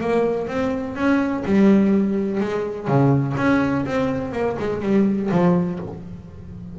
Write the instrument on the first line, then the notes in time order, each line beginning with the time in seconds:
double bass
0.00 A#3
0.47 C4
0.95 C#4
1.45 G3
2.40 G#3
2.87 C#3
3.37 C#4
3.85 C4
4.32 A#3
4.59 G#3
4.82 G3
5.31 F3